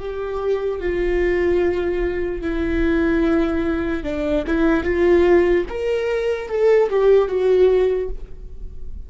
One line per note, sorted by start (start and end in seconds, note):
0.00 0.80 G4
0.80 2.42 F4
2.42 4.04 E4
4.04 4.44 D4
4.48 4.84 E4
4.84 5.65 F4
5.69 6.49 A#4
6.49 6.90 A4
6.90 7.29 G4
7.29 8.10 F#4